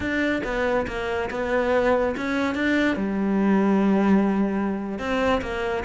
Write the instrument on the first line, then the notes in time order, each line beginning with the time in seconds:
cello
0.00 D4
0.44 B3
0.87 A#3
1.30 B3
2.17 C#4
2.54 D4
2.96 G3
4.98 C4
5.41 A#3